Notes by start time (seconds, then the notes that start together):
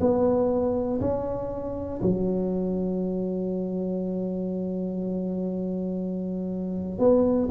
0.00 B3
1.00 C#4
2.01 F#3
6.99 B3